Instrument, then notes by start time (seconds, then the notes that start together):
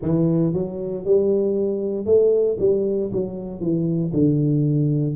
tuba
0.02 E3
0.53 F#3
1.04 G3
2.05 A3
2.59 G3
3.12 F#3
3.60 E3
4.13 D3